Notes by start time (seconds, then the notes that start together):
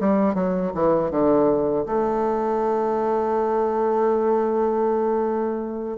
0.00 G3
0.34 F#3
0.74 E3
1.10 D3
1.86 A3